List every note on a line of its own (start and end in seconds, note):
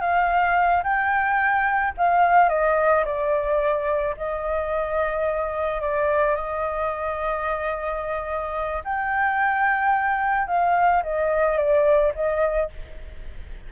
0.00 0.83 F5
0.83 1.93 G5
1.97 2.49 F5
2.49 3.04 D#5
3.05 4.15 D5
4.17 5.81 D#5
5.81 6.35 D5
6.35 8.83 D#5
8.84 10.47 G5
10.47 11.02 F5
11.02 11.57 D#5
11.57 12.12 D5
12.15 12.70 D#5